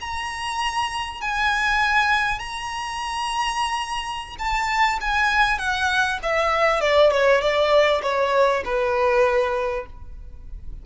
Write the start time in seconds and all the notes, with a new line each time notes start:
0.00 A#5
1.21 G#5
2.39 A#5
4.38 A5
5.00 G#5
5.58 F#5
6.23 E5
6.80 D5
7.11 C#5
7.41 D5
8.02 C#5
8.64 B4